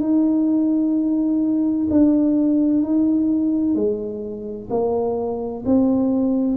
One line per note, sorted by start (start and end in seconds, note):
0.00 1.87 D#4
1.90 2.83 D4
2.83 3.75 D#4
3.75 4.68 G#3
4.70 5.63 A#3
5.65 6.57 C4